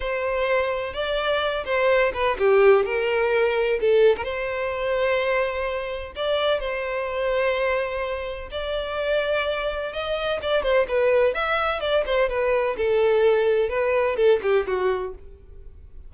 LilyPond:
\new Staff \with { instrumentName = "violin" } { \time 4/4 \tempo 4 = 127 c''2 d''4. c''8~ | c''8 b'8 g'4 ais'2 | a'8. ais'16 c''2.~ | c''4 d''4 c''2~ |
c''2 d''2~ | d''4 dis''4 d''8 c''8 b'4 | e''4 d''8 c''8 b'4 a'4~ | a'4 b'4 a'8 g'8 fis'4 | }